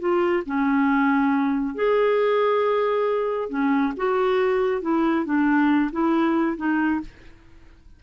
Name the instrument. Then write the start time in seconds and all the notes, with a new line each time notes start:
clarinet
0.00 F4
0.47 C#4
1.75 G#4
3.50 C#4
3.97 F#4
4.82 E4
5.26 D4
5.92 E4
6.57 D#4